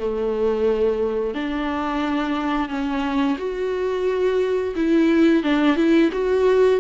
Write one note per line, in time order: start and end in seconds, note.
0.00 1.35 A3
1.35 2.69 D4
2.69 3.37 C#4
3.38 4.75 F#4
4.76 5.43 E4
5.43 5.76 D4
5.76 6.10 E4
6.13 6.81 F#4